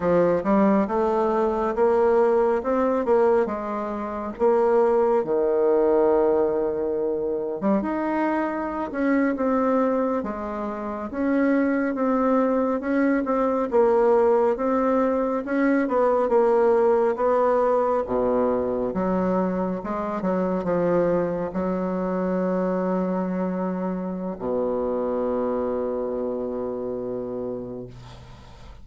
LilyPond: \new Staff \with { instrumentName = "bassoon" } { \time 4/4 \tempo 4 = 69 f8 g8 a4 ais4 c'8 ais8 | gis4 ais4 dis2~ | dis8. g16 dis'4~ dis'16 cis'8 c'4 gis16~ | gis8. cis'4 c'4 cis'8 c'8 ais16~ |
ais8. c'4 cis'8 b8 ais4 b16~ | b8. b,4 fis4 gis8 fis8 f16~ | f8. fis2.~ fis16 | b,1 | }